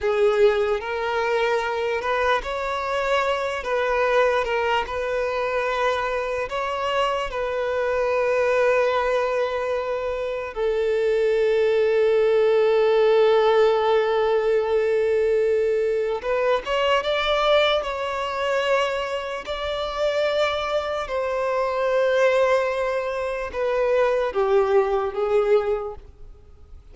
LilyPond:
\new Staff \with { instrumentName = "violin" } { \time 4/4 \tempo 4 = 74 gis'4 ais'4. b'8 cis''4~ | cis''8 b'4 ais'8 b'2 | cis''4 b'2.~ | b'4 a'2.~ |
a'1 | b'8 cis''8 d''4 cis''2 | d''2 c''2~ | c''4 b'4 g'4 gis'4 | }